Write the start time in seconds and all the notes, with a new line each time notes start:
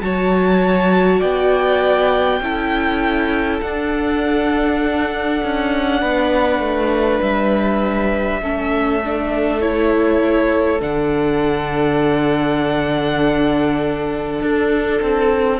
0.00 F#3 F#4 C#5 A5
1.19 B3 D5 G5
2.40 C#4 E4 A4
3.61 D4 F#5
5.43 C#4
6.00 B3 B4
6.59 A3
7.21 G3 E5
8.41 A3 C#4 A4
9.04 D4
9.61 E4 C#5
10.79 D3 D4 F#5
14.40 D4 A4
15.01 C4